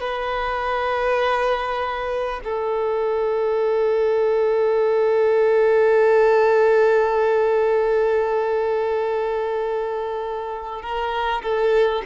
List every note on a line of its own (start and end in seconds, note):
0.00 2.40 B4
2.44 10.82 A4
10.82 11.42 A#4
11.42 12.02 A4